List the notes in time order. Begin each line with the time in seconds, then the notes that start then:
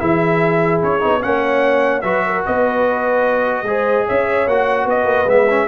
0.00 E3 E4 G#4 E5
0.83 C#4 C#5
1.01 B3 D#4
1.22 A#3 C#4 C#5 F#5
2.02 F#3 F#4 B4 E5
2.27 A#4
2.45 B3 B4 D#5
3.63 G#3 G#4 C5
4.06 C#4 C#5 E5
4.48 A#3 F#4 F#5
4.86 B3 B4 D#5
5.05 A#3
5.27 G#3 B3 E5
5.50 C#4